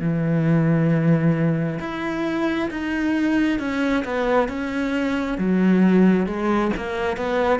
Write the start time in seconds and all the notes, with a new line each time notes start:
0.00 E3
1.80 E4
2.71 D#4
3.59 C#4
4.05 B3
4.49 C#4
5.38 F#3
6.26 G#3
6.77 A#3
7.17 B3